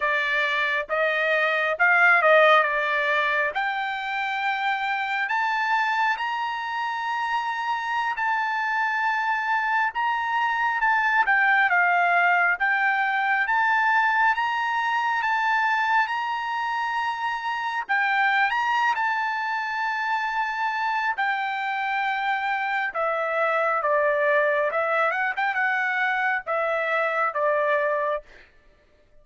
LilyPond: \new Staff \with { instrumentName = "trumpet" } { \time 4/4 \tempo 4 = 68 d''4 dis''4 f''8 dis''8 d''4 | g''2 a''4 ais''4~ | ais''4~ ais''16 a''2 ais''8.~ | ais''16 a''8 g''8 f''4 g''4 a''8.~ |
a''16 ais''4 a''4 ais''4.~ ais''16~ | ais''16 g''8. ais''8 a''2~ a''8 | g''2 e''4 d''4 | e''8 fis''16 g''16 fis''4 e''4 d''4 | }